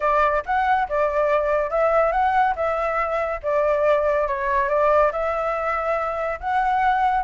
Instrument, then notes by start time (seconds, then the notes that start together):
flute
0.00 D5
0.45 F#5
0.88 D5
1.70 E5
2.12 F#5
2.55 E5
3.42 D5
4.27 C#5
4.68 D5
5.12 E5
6.39 F#5